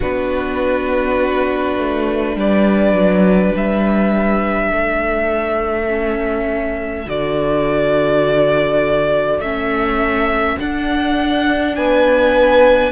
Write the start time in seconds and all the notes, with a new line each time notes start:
0.00 B3 D4 F#4 B4
1.78 A3
2.36 G3 B4 D5
2.92 F#3
3.55 G3 E5
4.67 A3 A4
5.87 C#4
7.06 D3 F#4 D5
9.38 A3 C#4 E5
10.59 D4 F#5
11.75 B3 B4 G#5